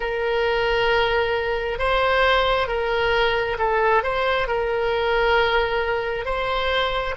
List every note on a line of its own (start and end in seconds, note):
0.00 1.79 A#4
1.79 2.67 C5
2.67 3.57 A#4
3.58 4.03 A4
4.03 4.47 C5
4.47 6.25 A#4
6.25 7.14 C5